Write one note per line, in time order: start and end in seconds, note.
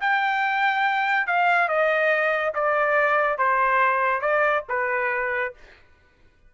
0.00 1.26 G5
1.26 1.68 F5
1.68 2.53 D#5
2.54 3.38 D5
3.38 4.21 C5
4.21 4.63 D5
4.69 5.54 B4